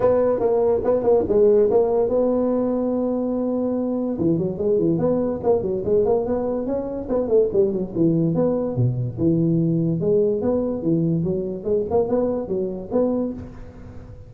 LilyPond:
\new Staff \with { instrumentName = "tuba" } { \time 4/4 \tempo 4 = 144 b4 ais4 b8 ais8 gis4 | ais4 b2.~ | b2 e8 fis8 gis8 e8 | b4 ais8 fis8 gis8 ais8 b4 |
cis'4 b8 a8 g8 fis8 e4 | b4 b,4 e2 | gis4 b4 e4 fis4 | gis8 ais8 b4 fis4 b4 | }